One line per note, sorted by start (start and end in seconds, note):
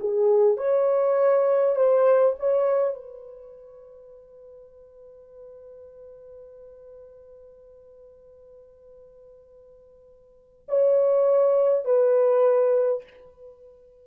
0.00 0.57 G#4
0.57 1.76 C#5
1.76 2.35 C5
2.39 2.95 C#5
2.95 10.67 B4
10.68 11.85 C#5
11.85 13.04 B4